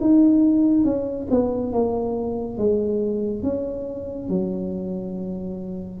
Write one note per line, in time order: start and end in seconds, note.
0.00 0.84 D#4
0.84 1.27 C#4
1.30 1.72 B3
1.72 2.57 A#3
2.57 3.42 G#3
3.42 4.28 C#4
4.29 6.00 F#3